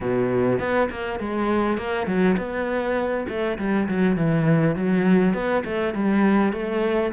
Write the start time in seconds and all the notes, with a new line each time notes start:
0.00 B2
0.59 B3
0.90 A#3
1.19 G#3
1.77 A#3
2.06 F#3
2.37 B3
3.28 A3
3.58 G3
3.88 F#3
4.16 E3
4.75 F#3
5.33 B3
5.64 A3
5.94 G3
6.53 A3